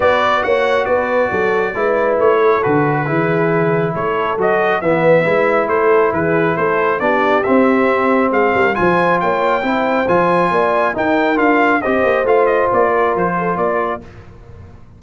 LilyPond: <<
  \new Staff \with { instrumentName = "trumpet" } { \time 4/4 \tempo 4 = 137 d''4 fis''4 d''2~ | d''4 cis''4 b'2~ | b'4 cis''4 dis''4 e''4~ | e''4 c''4 b'4 c''4 |
d''4 e''2 f''4 | gis''4 g''2 gis''4~ | gis''4 g''4 f''4 dis''4 | f''8 dis''8 d''4 c''4 d''4 | }
  \new Staff \with { instrumentName = "horn" } { \time 4/4 b'4 cis''4 b'4 a'4 | b'4. a'4. gis'4~ | gis'4 a'2 b'4~ | b'4 a'4 gis'4 a'4 |
g'2. gis'8 ais'8 | c''4 cis''4 c''2 | d''4 ais'2 c''4~ | c''4. ais'4 a'8 ais'4 | }
  \new Staff \with { instrumentName = "trombone" } { \time 4/4 fis'1 | e'2 fis'4 e'4~ | e'2 fis'4 b4 | e'1 |
d'4 c'2. | f'2 e'4 f'4~ | f'4 dis'4 f'4 g'4 | f'1 | }
  \new Staff \with { instrumentName = "tuba" } { \time 4/4 b4 ais4 b4 fis4 | gis4 a4 d4 e4~ | e4 a4 fis4 e4 | gis4 a4 e4 a4 |
b4 c'2 gis8 g8 | f4 ais4 c'4 f4 | ais4 dis'4 d'4 c'8 ais8 | a4 ais4 f4 ais4 | }
>>